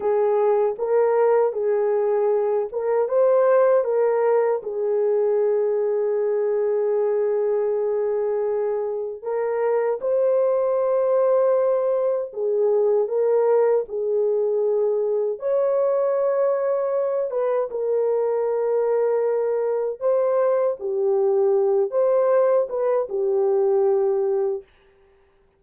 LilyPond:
\new Staff \with { instrumentName = "horn" } { \time 4/4 \tempo 4 = 78 gis'4 ais'4 gis'4. ais'8 | c''4 ais'4 gis'2~ | gis'1 | ais'4 c''2. |
gis'4 ais'4 gis'2 | cis''2~ cis''8 b'8 ais'4~ | ais'2 c''4 g'4~ | g'8 c''4 b'8 g'2 | }